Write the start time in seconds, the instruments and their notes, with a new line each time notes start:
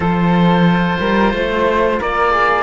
0.00 cello F3 F4, flute A4, oboe C5
0.99 cello G3, flute A#4
1.33 cello A3, flute C5
2.00 cello A#3, flute A#4, oboe D5
2.31 flute G#4